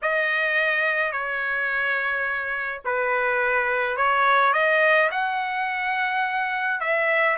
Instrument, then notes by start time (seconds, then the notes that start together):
trumpet
0.02 D#5
1.12 C#5
2.85 B4
3.96 C#5
4.53 D#5
5.11 F#5
6.80 E5